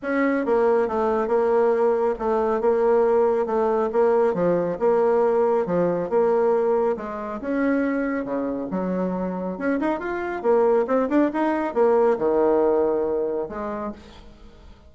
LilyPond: \new Staff \with { instrumentName = "bassoon" } { \time 4/4 \tempo 4 = 138 cis'4 ais4 a4 ais4~ | ais4 a4 ais2 | a4 ais4 f4 ais4~ | ais4 f4 ais2 |
gis4 cis'2 cis4 | fis2 cis'8 dis'8 f'4 | ais4 c'8 d'8 dis'4 ais4 | dis2. gis4 | }